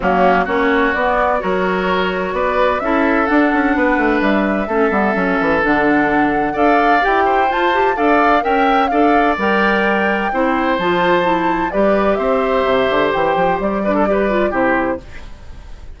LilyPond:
<<
  \new Staff \with { instrumentName = "flute" } { \time 4/4 \tempo 4 = 128 fis'4 cis''4 d''4 cis''4~ | cis''4 d''4 e''4 fis''4~ | fis''4 e''2. | fis''2 f''4 g''4 |
a''4 f''4 g''4 f''4 | g''2. a''4~ | a''4 d''4 e''2 | g''4 d''2 c''4 | }
  \new Staff \with { instrumentName = "oboe" } { \time 4/4 cis'4 fis'2 ais'4~ | ais'4 b'4 a'2 | b'2 a'2~ | a'2 d''4. c''8~ |
c''4 d''4 e''4 d''4~ | d''2 c''2~ | c''4 b'4 c''2~ | c''4. b'16 a'16 b'4 g'4 | }
  \new Staff \with { instrumentName = "clarinet" } { \time 4/4 ais4 cis'4 b4 fis'4~ | fis'2 e'4 d'4~ | d'2 cis'8 b8 cis'4 | d'2 a'4 g'4 |
f'8 g'8 a'4 ais'4 a'4 | ais'2 e'4 f'4 | e'4 g'2.~ | g'4. d'8 g'8 f'8 e'4 | }
  \new Staff \with { instrumentName = "bassoon" } { \time 4/4 fis4 ais4 b4 fis4~ | fis4 b4 cis'4 d'8 cis'8 | b8 a8 g4 a8 g8 fis8 e8 | d2 d'4 e'4 |
f'4 d'4 cis'4 d'4 | g2 c'4 f4~ | f4 g4 c'4 c8 d8 | e8 f8 g2 c4 | }
>>